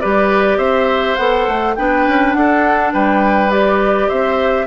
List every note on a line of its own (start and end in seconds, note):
0.00 0.58 G3
0.00 1.18 G4
0.00 0.58 B4
0.00 0.58 D5
0.58 1.16 C4
0.58 1.74 C5
0.58 1.16 E5
1.16 1.47 B3
1.16 1.76 A4
1.16 1.74 F#5
1.47 1.76 A3
1.75 2.07 B3
1.75 3.50 D4
1.75 2.36 B4
1.75 2.33 G5
2.07 2.34 C#4
2.33 2.93 D4
2.33 2.93 A4
2.33 2.91 F#5
2.93 4.10 G3
2.93 4.08 B4
2.93 3.51 G5
3.50 4.66 G4
3.50 4.09 D5
4.08 4.66 C4
4.08 4.66 C5
4.08 4.66 E5